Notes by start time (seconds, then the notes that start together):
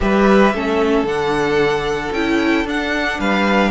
0.00 G3 G4 B4 E5
0.54 A3 C#4 A4
1.03 D3 D4 F#5
2.12 C#4 E4 G5
2.64 D4 F#5
3.19 G3 B4 F5